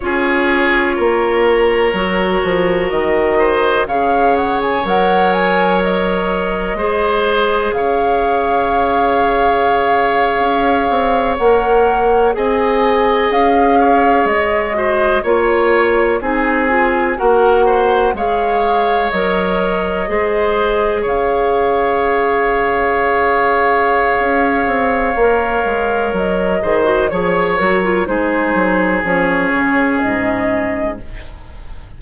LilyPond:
<<
  \new Staff \with { instrumentName = "flute" } { \time 4/4 \tempo 4 = 62 cis''2. dis''4 | f''8 fis''16 gis''16 fis''8 gis''8 dis''2 | f''2.~ f''8. fis''16~ | fis''8. gis''4 f''4 dis''4 cis''16~ |
cis''8. gis''4 fis''4 f''4 dis''16~ | dis''4.~ dis''16 f''2~ f''16~ | f''2. dis''4 | cis''8 ais'8 c''4 cis''4 dis''4 | }
  \new Staff \with { instrumentName = "oboe" } { \time 4/4 gis'4 ais'2~ ais'8 c''8 | cis''2. c''4 | cis''1~ | cis''8. dis''4. cis''4 c''8 cis''16~ |
cis''8. gis'4 ais'8 c''8 cis''4~ cis''16~ | cis''8. c''4 cis''2~ cis''16~ | cis''2.~ cis''8 c''8 | cis''4 gis'2. | }
  \new Staff \with { instrumentName = "clarinet" } { \time 4/4 f'2 fis'2 | gis'4 ais'2 gis'4~ | gis'2.~ gis'8. ais'16~ | ais'8. gis'2~ gis'8 fis'8 f'16~ |
f'8. dis'8 f'8 fis'4 gis'4 ais'16~ | ais'8. gis'2.~ gis'16~ | gis'2 ais'4. gis'16 fis'16 | gis'8 fis'16 f'16 dis'4 cis'2 | }
  \new Staff \with { instrumentName = "bassoon" } { \time 4/4 cis'4 ais4 fis8 f8 dis4 | cis4 fis2 gis4 | cis2~ cis8. cis'8 c'8 ais16~ | ais8. c'4 cis'4 gis4 ais16~ |
ais8. c'4 ais4 gis4 fis16~ | fis8. gis4 cis2~ cis16~ | cis4 cis'8 c'8 ais8 gis8 fis8 dis8 | f8 fis8 gis8 fis8 f8 cis8 gis,4 | }
>>